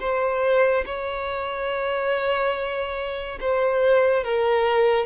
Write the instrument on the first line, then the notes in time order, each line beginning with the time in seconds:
violin
0.00 C5
0.86 C#5
3.40 C5
4.24 A#4